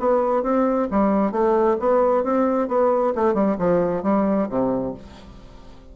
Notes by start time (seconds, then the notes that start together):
0.00 B3
0.43 C4
0.91 G3
1.32 A3
1.80 B3
2.24 C4
2.68 B3
3.16 A3
3.34 G3
3.59 F3
4.03 G3
4.49 C3